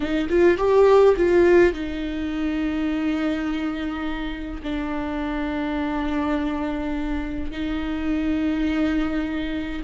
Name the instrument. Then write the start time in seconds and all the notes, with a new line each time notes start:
viola
0.00 D#4
0.29 F4
0.57 G4
1.16 F4
1.73 D#4
4.62 D4
7.51 D#4